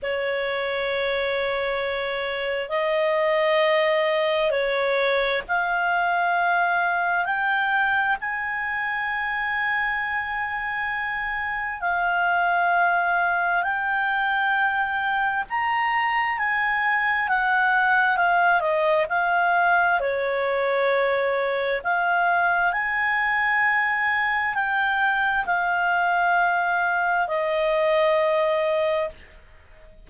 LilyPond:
\new Staff \with { instrumentName = "clarinet" } { \time 4/4 \tempo 4 = 66 cis''2. dis''4~ | dis''4 cis''4 f''2 | g''4 gis''2.~ | gis''4 f''2 g''4~ |
g''4 ais''4 gis''4 fis''4 | f''8 dis''8 f''4 cis''2 | f''4 gis''2 g''4 | f''2 dis''2 | }